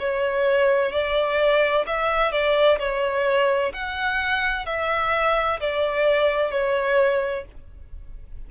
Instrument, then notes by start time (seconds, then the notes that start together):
violin
0.00 C#5
0.92 D5
1.87 E5
2.32 D5
2.79 C#5
3.74 F#5
4.67 E5
5.60 D5
6.52 C#5